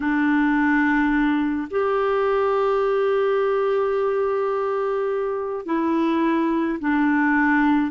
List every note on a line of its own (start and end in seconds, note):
0.00 1.68 D4
1.70 5.65 G4
5.65 6.78 E4
6.79 7.91 D4